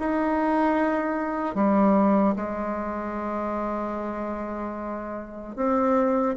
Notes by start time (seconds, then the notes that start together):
0.00 D#4
1.56 G3
2.36 G#3
5.56 C4